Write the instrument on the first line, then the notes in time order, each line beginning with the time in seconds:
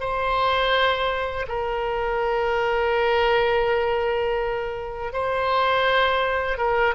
oboe
0.00 C5
1.48 A#4
5.13 C5
6.58 A#4